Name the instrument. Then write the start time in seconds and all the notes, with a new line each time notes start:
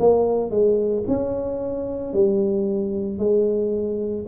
tuba
0.00 A#3
0.51 G#3
1.08 C#4
2.14 G3
3.19 G#3